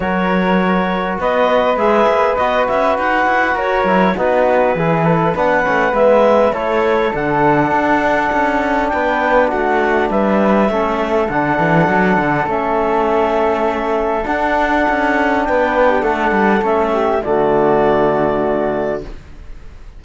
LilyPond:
<<
  \new Staff \with { instrumentName = "clarinet" } { \time 4/4 \tempo 4 = 101 cis''2 dis''4 e''4 | dis''8 e''8 fis''4 cis''4 b'4~ | b'4 fis''4 e''4 cis''4 | fis''2. g''4 |
fis''4 e''2 fis''4~ | fis''4 e''2. | fis''2 g''4 fis''4 | e''4 d''2. | }
  \new Staff \with { instrumentName = "flute" } { \time 4/4 ais'2 b'2~ | b'2 ais'4 fis'4 | gis'8 a'8 b'2 a'4~ | a'2. b'4 |
fis'4 b'4 a'2~ | a'1~ | a'2 b'8. g'16 a'4~ | a'8 g'8 fis'2. | }
  \new Staff \with { instrumentName = "trombone" } { \time 4/4 fis'2. gis'4 | fis'2~ fis'8 e'8 dis'4 | e'4 d'8 cis'8 b4 e'4 | d'1~ |
d'2 cis'4 d'4~ | d'4 cis'2. | d'1 | cis'4 a2. | }
  \new Staff \with { instrumentName = "cello" } { \time 4/4 fis2 b4 gis8 ais8 | b8 cis'8 dis'8 e'8 fis'8 fis8 b4 | e4 b8 a8 gis4 a4 | d4 d'4 cis'4 b4 |
a4 g4 a4 d8 e8 | fis8 d8 a2. | d'4 cis'4 b4 a8 g8 | a4 d2. | }
>>